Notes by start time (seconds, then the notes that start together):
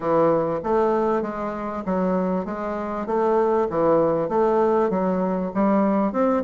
0.00 E3
0.63 A3
1.22 G#3
1.85 F#3
2.45 G#3
3.06 A3
3.70 E3
4.29 A3
4.90 F#3
5.54 G3
6.12 C4